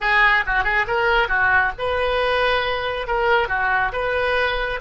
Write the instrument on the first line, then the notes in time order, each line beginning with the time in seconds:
oboe
0.00 G#4
0.46 F#4
0.64 G#4
0.87 A#4
1.28 F#4
1.78 B4
3.07 A#4
3.48 F#4
3.92 B4